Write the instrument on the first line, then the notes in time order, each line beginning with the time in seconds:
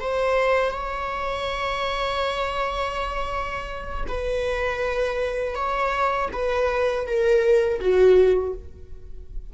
viola
0.00 C5
0.71 C#5
4.08 B4
5.55 C#5
6.33 B4
7.07 A#4
7.80 F#4